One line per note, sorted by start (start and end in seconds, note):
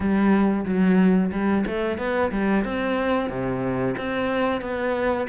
0.00 0.64 G3
0.65 1.31 F#3
1.32 1.65 G3
1.66 1.98 A3
1.98 2.31 B3
2.31 2.64 G3
2.64 3.29 C4
3.29 3.95 C3
3.97 4.61 C4
4.61 5.27 B3